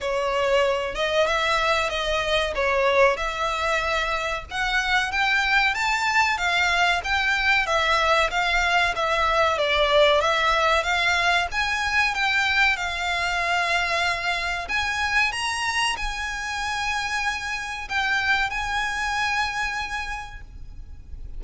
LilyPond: \new Staff \with { instrumentName = "violin" } { \time 4/4 \tempo 4 = 94 cis''4. dis''8 e''4 dis''4 | cis''4 e''2 fis''4 | g''4 a''4 f''4 g''4 | e''4 f''4 e''4 d''4 |
e''4 f''4 gis''4 g''4 | f''2. gis''4 | ais''4 gis''2. | g''4 gis''2. | }